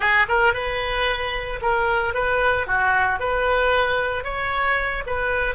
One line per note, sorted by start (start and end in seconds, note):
0.00 0.26 G#4
0.28 0.53 A#4
0.53 1.60 B4
1.61 2.14 A#4
2.14 2.67 B4
2.67 3.19 F#4
3.19 4.24 B4
4.24 5.03 C#5
5.06 5.55 B4